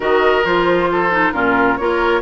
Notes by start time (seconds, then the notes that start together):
0.00 D#3 F#4 A#4 D#5
0.44 F3 F4 C5
0.91 A4
1.11 D#4
1.32 A#2 C#4 F4 A#4
1.77 A#3 F4 A#4 C#5